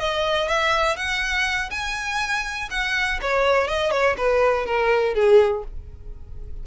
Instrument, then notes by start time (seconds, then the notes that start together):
violin
0.00 D#5
0.49 E5
0.97 F#5
1.71 G#5
2.71 F#5
3.22 C#5
3.68 D#5
3.92 C#5
4.18 B4
4.66 A#4
5.15 G#4